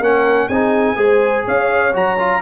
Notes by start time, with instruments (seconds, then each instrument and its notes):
0.00 tuba A#3, trombone C#4, horn A#4, trumpet F#5
0.48 tuba C4, trombone D#4, horn G#4, trumpet G#5
0.96 tuba G#3, trombone G#4, horn C5
1.45 tuba C#4, horn C#5, trumpet F5
1.94 tuba F#3, trombone F#4, trumpet A#5
2.19 trombone F4